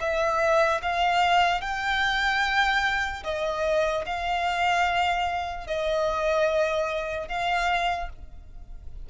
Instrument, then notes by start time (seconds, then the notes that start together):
violin
0.00 E5
0.82 F5
1.61 G5
3.24 D#5
4.06 F5
5.67 D#5
7.28 F5